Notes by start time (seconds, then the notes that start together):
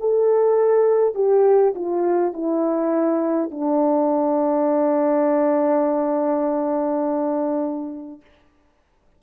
0.00 A4
1.15 G4
1.75 F4
2.33 E4
3.50 D4